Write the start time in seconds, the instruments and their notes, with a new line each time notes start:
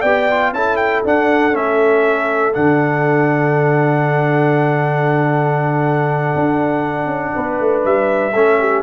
0.00 tuba B3, trombone G4, horn D5, trumpet G5
0.30 trombone F4
0.53 tuba C#4, trombone E4, horn A4, trumpet A5
0.76 trumpet G5
1.05 tuba D4, trombone D4, trumpet F#5
1.52 tuba A3, trombone C#4, trumpet E5
2.53 tuba D3, trombone D4, trumpet F#5
6.35 tuba D4
7.06 tuba C#4
7.35 tuba B3, horn B4
7.60 tuba A3
7.85 tuba G3, trumpet E5
8.34 tuba A3, trombone C#4, horn A4
8.60 horn G4